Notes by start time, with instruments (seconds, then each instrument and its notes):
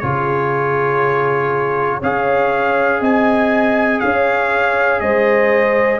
0.00 tuba C#3, trombone F4, horn G#4, trumpet C#5
1.99 tuba C#4, trombone G#4, horn C#5, trumpet F5
3.01 tuba C4, horn D#5, trumpet G#5
4.00 tuba C#4, horn C#5, trumpet F5
5.00 tuba G#3, horn C5, trumpet D#5